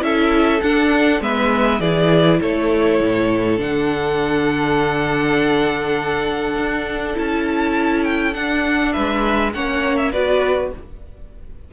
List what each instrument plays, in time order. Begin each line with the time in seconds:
0.00 cello C#4, viola E4, violin A4 E5
0.62 cello D4, viola D4, violin F#5
1.21 cello G#3, viola B3, violin B4 E5
1.80 cello E3, viola E4, violin G#4 D5
2.40 cello A3, violin A4 C#5
3.00 cello A2
3.57 cello D3, viola D4, violin F#5
6.56 cello D4
7.15 cello C#4, viola E4, violin A5
8.04 violin G5
8.33 viola D4, cello D4, violin F#5
8.92 cello G#3, violin B4 E5
9.54 cello A#3, viola C#4, violin C#5 F#5
9.97 violin E5
10.12 cello B3, viola F#4, violin B4 D5